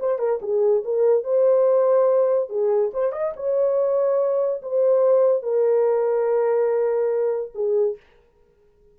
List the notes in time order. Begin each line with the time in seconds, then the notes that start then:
0.00 C5
0.19 A#4
0.42 G#4
0.84 A#4
1.24 C5
2.49 G#4
2.94 C5
3.12 D#5
3.36 C#5
4.62 C5
5.43 A#4
7.55 G#4